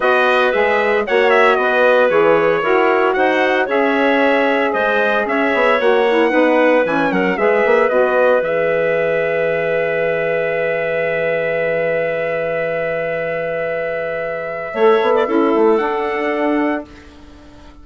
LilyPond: <<
  \new Staff \with { instrumentName = "trumpet" } { \time 4/4 \tempo 4 = 114 dis''4 e''4 fis''8 e''8 dis''4 | cis''2 fis''4 e''4~ | e''4 dis''4 e''4 fis''4~ | fis''4 gis''8 fis''8 e''4 dis''4 |
e''1~ | e''1~ | e''1~ | e''2 fis''2 | }
  \new Staff \with { instrumentName = "clarinet" } { \time 4/4 b'2 cis''4 b'4~ | b'4 ais'4 c''4 cis''4~ | cis''4 c''4 cis''2 | b'4. ais'8 b'2~ |
b'1~ | b'1~ | b'1 | cis''8. d''16 a'2. | }
  \new Staff \with { instrumentName = "saxophone" } { \time 4/4 fis'4 gis'4 fis'2 | gis'4 fis'2 gis'4~ | gis'2. fis'8 e'8 | dis'4 cis'4 gis'4 fis'4 |
gis'1~ | gis'1~ | gis'1 | a'4 e'4 d'2 | }
  \new Staff \with { instrumentName = "bassoon" } { \time 4/4 b4 gis4 ais4 b4 | e4 e'4 dis'4 cis'4~ | cis'4 gis4 cis'8 b8 ais4 | b4 e8 fis8 gis8 ais8 b4 |
e1~ | e1~ | e1 | a8 b8 cis'8 a8 d'2 | }
>>